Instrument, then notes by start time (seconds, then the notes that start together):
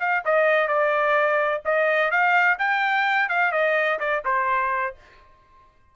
trumpet
0.00 F5
0.25 D#5
0.68 D5
1.65 D#5
2.11 F5
2.58 G5
3.29 F5
3.52 D#5
3.99 D5
4.25 C5